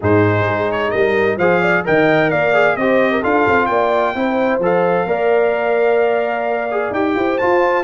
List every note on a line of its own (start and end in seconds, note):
0.00 0.46 G#2
0.00 1.39 D#4
0.00 0.90 G#4
0.00 0.71 C5
0.46 0.92 G#3
0.71 0.90 C#5
0.90 1.37 G3
0.90 1.37 A#4
0.90 1.37 D#5
1.37 1.83 F3
1.37 1.84 G#4
1.37 1.60 C5
1.37 1.84 F5
1.60 1.83 D5
1.84 2.31 D#3
1.84 2.53 A#4
1.84 2.30 D#5
1.84 2.30 G5
2.30 2.76 A#3
2.30 2.76 D5
2.30 2.76 F5
2.53 2.77 G#4
2.76 3.22 C4
2.76 3.22 G4
2.76 3.11 C5
2.76 3.22 D#5
3.11 3.21 A#4
3.21 3.47 D4
3.21 4.15 F4
3.21 3.67 A4
3.21 3.66 F5
3.47 3.69 C4
3.66 4.14 A#3
3.66 4.14 D5
3.66 4.58 G5
4.14 4.59 C4
4.14 4.61 E4
4.14 5.07 C5
4.59 5.05 F3
4.59 5.07 A4
4.59 6.93 F5
5.06 6.90 A#3
5.06 6.69 A#4
5.06 7.15 D5
6.71 6.94 G#4
6.91 7.14 D#4
6.91 7.40 G4
6.91 7.38 G5
7.15 7.38 E4
7.15 7.83 C5
7.38 7.83 F4
7.38 7.83 A5